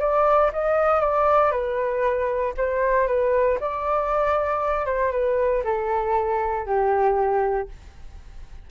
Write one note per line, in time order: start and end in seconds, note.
0.00 0.51 D5
0.52 1.00 D#5
1.00 1.51 D5
1.51 2.54 B4
2.57 3.07 C5
3.07 3.58 B4
3.60 4.86 D5
4.86 5.11 C5
5.11 5.63 B4
5.64 6.66 A4
6.66 7.68 G4